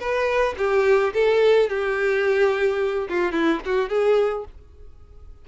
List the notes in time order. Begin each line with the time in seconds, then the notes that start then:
0.00 B4
0.58 G4
1.14 A4
1.70 G4
3.09 F4
3.33 E4
3.66 F#4
3.90 G#4